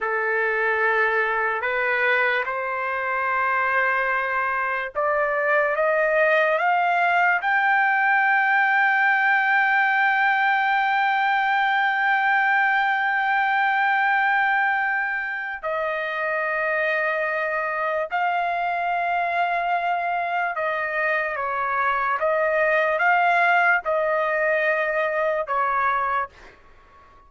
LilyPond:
\new Staff \with { instrumentName = "trumpet" } { \time 4/4 \tempo 4 = 73 a'2 b'4 c''4~ | c''2 d''4 dis''4 | f''4 g''2.~ | g''1~ |
g''2. dis''4~ | dis''2 f''2~ | f''4 dis''4 cis''4 dis''4 | f''4 dis''2 cis''4 | }